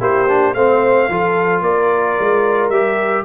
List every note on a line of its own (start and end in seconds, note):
0.00 0.54 A#3
0.00 0.27 E4
0.00 0.54 G4
0.00 0.54 C5
0.28 0.55 D4
0.54 1.09 A3
0.54 1.10 C4
0.54 1.09 C5
0.54 1.62 F5
1.10 1.62 F3
1.10 2.73 F4
1.10 1.63 A4
1.62 2.16 A#3
1.62 3.25 A#4
1.62 2.70 D5
2.20 2.69 G#3
2.69 3.24 G3
2.69 3.25 G4
2.69 3.24 E5